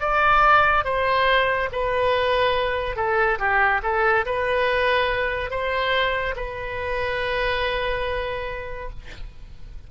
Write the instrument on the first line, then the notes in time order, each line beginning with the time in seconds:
oboe
0.00 D5
0.85 C5
1.72 B4
2.96 A4
3.39 G4
3.83 A4
4.26 B4
5.51 C5
6.36 B4